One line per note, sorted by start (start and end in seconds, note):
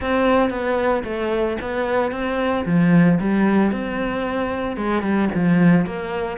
0.00 0.49 C4
0.49 1.03 B3
1.04 1.57 A3
1.61 2.11 B3
2.11 2.64 C4
2.65 3.18 F3
3.20 3.72 G3
3.72 4.76 C4
4.76 5.02 G#3
5.02 5.29 G3
5.34 5.86 F3
5.86 6.37 A#3